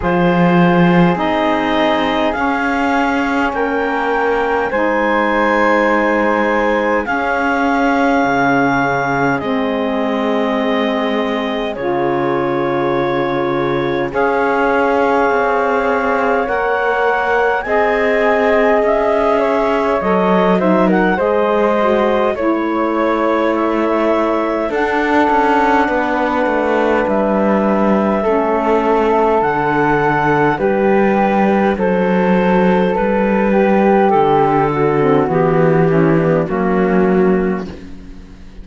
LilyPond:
<<
  \new Staff \with { instrumentName = "clarinet" } { \time 4/4 \tempo 4 = 51 c''4 dis''4 f''4 g''4 | gis''2 f''2 | dis''2 cis''2 | f''2 fis''4 gis''4 |
e''4 dis''8 e''16 fis''16 dis''4 cis''4 | e''4 fis''2 e''4~ | e''4 fis''4 b'4 c''4 | b'4 a'4 g'4 fis'4 | }
  \new Staff \with { instrumentName = "flute" } { \time 4/4 gis'2. ais'4 | c''2 gis'2~ | gis'1 | cis''2. dis''4~ |
dis''8 cis''4 c''16 ais'16 c''4 cis''4~ | cis''4 a'4 b'2 | a'2 g'4 a'4~ | a'8 g'4 fis'4 e'16 d'16 cis'4 | }
  \new Staff \with { instrumentName = "saxophone" } { \time 4/4 f'4 dis'4 cis'2 | dis'2 cis'2 | c'2 f'2 | gis'2 ais'4 gis'4~ |
gis'4 a'8 dis'8 gis'8 fis'8 e'4~ | e'4 d'2. | cis'4 d'2.~ | d'4.~ d'16 c'16 b8 cis'16 b16 ais4 | }
  \new Staff \with { instrumentName = "cello" } { \time 4/4 f4 c'4 cis'4 ais4 | gis2 cis'4 cis4 | gis2 cis2 | cis'4 c'4 ais4 c'4 |
cis'4 fis4 gis4 a4~ | a4 d'8 cis'8 b8 a8 g4 | a4 d4 g4 fis4 | g4 d4 e4 fis4 | }
>>